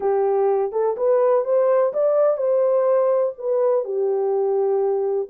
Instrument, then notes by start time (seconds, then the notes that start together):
horn
0.00 G4
0.72 A4
0.96 B4
1.44 C5
1.93 D5
2.37 C5
3.38 B4
3.84 G4